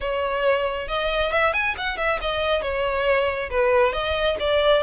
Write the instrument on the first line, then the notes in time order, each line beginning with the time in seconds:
violin
0.00 C#5
0.88 D#5
1.31 E5
1.53 G#5
1.77 F#5
1.97 E5
2.21 D#5
2.62 C#5
3.50 B4
3.92 D#5
4.39 D5